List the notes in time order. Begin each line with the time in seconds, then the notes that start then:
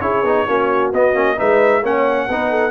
0.00 C#4 E4 G#4 C#5
0.23 B3 D#4
0.48 A#3 C#4 F#4
0.92 B3 D#5
1.13 A#3 C#4
1.37 G#3 D#4 B4 E5
1.82 A#3 C#4 C#5 F#5
2.28 B3 D#4 B4
2.50 A4